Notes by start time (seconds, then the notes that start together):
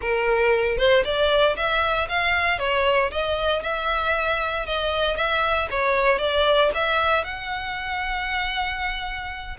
0.01 A#4
0.77 C5
1.04 D5
1.56 E5
2.08 F5
2.59 C#5
3.11 D#5
3.62 E5
4.66 D#5
5.16 E5
5.70 C#5
6.19 D5
6.74 E5
7.24 F#5